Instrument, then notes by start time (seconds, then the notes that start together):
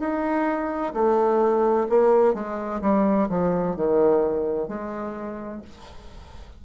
bassoon
0.00 D#4
0.94 A3
1.90 A#3
2.34 G#3
2.82 G3
3.29 F3
3.77 D#3
4.68 G#3